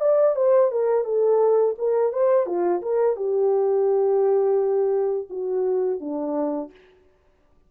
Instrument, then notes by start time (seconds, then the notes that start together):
horn
0.00 D5
0.36 C5
0.71 A#4
1.05 A4
1.78 A#4
2.12 C5
2.46 F4
2.82 A#4
3.16 G4
5.29 F#4
6.00 D4